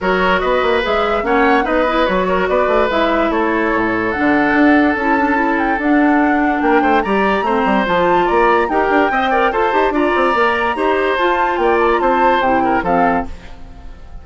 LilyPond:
<<
  \new Staff \with { instrumentName = "flute" } { \time 4/4 \tempo 4 = 145 cis''4 dis''4 e''4 fis''4 | dis''4 cis''4 d''4 e''4 | cis''2 fis''2 | a''4. g''8 fis''2 |
g''4 ais''2 a''4 | ais''4 g''2 a''4 | ais''2. a''4 | g''8 a''16 ais''16 a''4 g''4 f''4 | }
  \new Staff \with { instrumentName = "oboe" } { \time 4/4 ais'4 b'2 cis''4 | b'4. ais'8 b'2 | a'1~ | a'1 |
ais'8 c''8 d''4 c''2 | d''4 ais'4 dis''8 d''8 c''4 | d''2 c''2 | d''4 c''4. ais'8 a'4 | }
  \new Staff \with { instrumentName = "clarinet" } { \time 4/4 fis'2 gis'4 cis'4 | dis'8 e'8 fis'2 e'4~ | e'2 d'2 | e'8 d'8 e'4 d'2~ |
d'4 g'4 c'4 f'4~ | f'4 g'4 c''8 ais'8 a'8 g'8 | f'4 ais'4 g'4 f'4~ | f'2 e'4 c'4 | }
  \new Staff \with { instrumentName = "bassoon" } { \time 4/4 fis4 b8 ais8 gis4 ais4 | b4 fis4 b8 a8 gis4 | a4 a,4 d4 d'4 | cis'2 d'2 |
ais8 a8 g4 a8 g8 f4 | ais4 dis'8 d'8 c'4 f'8 dis'8 | d'8 c'8 ais4 dis'4 f'4 | ais4 c'4 c4 f4 | }
>>